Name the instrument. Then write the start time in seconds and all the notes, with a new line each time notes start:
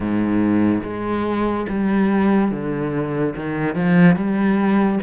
cello
0.00 G#2
0.83 G#3
1.68 G3
2.51 D3
3.36 D#3
3.75 F3
4.16 G3